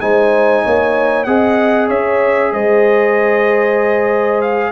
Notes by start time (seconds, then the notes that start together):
0.00 G#3 D#4 C5 G#5
0.63 A#3 C#5
1.23 C4 G#4 D#5 F#5
1.88 C#4 C#5 E5
2.52 G#3 C5 D#5
4.41 F5